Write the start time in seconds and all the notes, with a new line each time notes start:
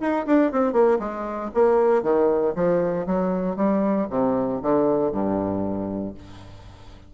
0.00 D#4
0.26 D4
0.52 C4
0.72 A#3
0.99 G#3
1.54 A#3
2.03 D#3
2.55 F3
3.06 F#3
3.56 G3
4.10 C3
4.62 D3
5.12 G2